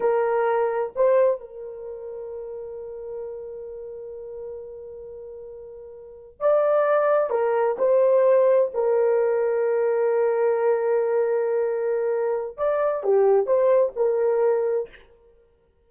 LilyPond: \new Staff \with { instrumentName = "horn" } { \time 4/4 \tempo 4 = 129 ais'2 c''4 ais'4~ | ais'1~ | ais'1~ | ais'4.~ ais'16 d''2 ais'16~ |
ais'8. c''2 ais'4~ ais'16~ | ais'1~ | ais'2. d''4 | g'4 c''4 ais'2 | }